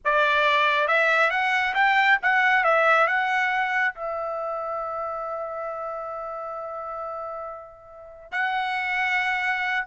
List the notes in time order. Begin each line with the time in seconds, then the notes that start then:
0.04 D5
0.87 E5
1.30 F#5
1.74 G5
2.22 F#5
2.63 E5
3.07 F#5
3.94 E5
8.31 F#5